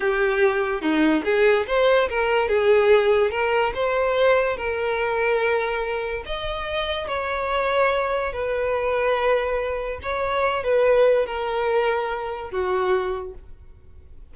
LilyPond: \new Staff \with { instrumentName = "violin" } { \time 4/4 \tempo 4 = 144 g'2 dis'4 gis'4 | c''4 ais'4 gis'2 | ais'4 c''2 ais'4~ | ais'2. dis''4~ |
dis''4 cis''2. | b'1 | cis''4. b'4. ais'4~ | ais'2 fis'2 | }